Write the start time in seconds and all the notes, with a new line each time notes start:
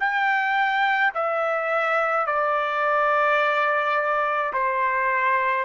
0.00 G5
1.15 E5
2.26 D5
4.53 C5